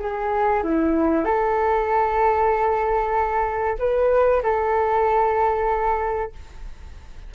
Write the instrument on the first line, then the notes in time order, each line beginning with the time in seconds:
flute
0.00 G#4
0.63 E4
1.25 A4
3.79 B4
4.43 A4